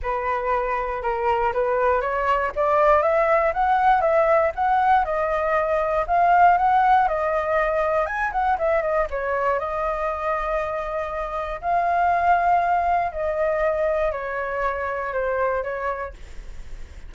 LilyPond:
\new Staff \with { instrumentName = "flute" } { \time 4/4 \tempo 4 = 119 b'2 ais'4 b'4 | cis''4 d''4 e''4 fis''4 | e''4 fis''4 dis''2 | f''4 fis''4 dis''2 |
gis''8 fis''8 e''8 dis''8 cis''4 dis''4~ | dis''2. f''4~ | f''2 dis''2 | cis''2 c''4 cis''4 | }